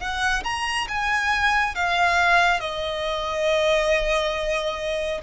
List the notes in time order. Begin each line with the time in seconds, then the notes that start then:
0.00 F#5
0.44 A#5
0.89 G#5
1.75 F5
2.60 D#5